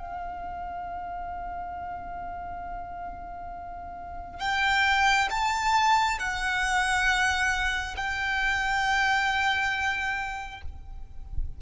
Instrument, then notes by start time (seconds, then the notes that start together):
violin
0.00 F5
4.40 G5
5.31 A5
6.19 F#5
7.97 G5